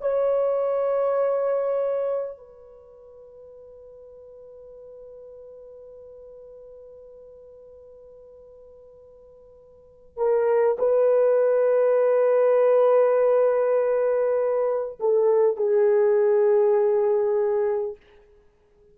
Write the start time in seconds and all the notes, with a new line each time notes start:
0.00 C#5
2.37 B4
10.17 A#4
10.78 B4
14.99 A4
15.57 G#4